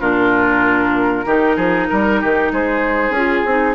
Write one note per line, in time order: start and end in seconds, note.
0.00 1.25 A#2
0.00 1.26 D4
0.00 1.25 F4
0.00 2.50 A#4
1.26 1.56 D#3
1.26 3.14 D#4
1.26 1.56 G4
1.56 1.88 F3
1.56 1.87 G#4
1.90 2.23 G3
1.90 2.21 A#4
2.21 2.52 D#3
2.21 2.52 G4
2.52 3.10 G#3
2.52 3.75 G#4
2.52 3.12 C5
3.10 3.41 C#4
3.10 3.47 F4
3.10 3.75 G#4
3.45 3.75 C4
3.45 3.75 D#4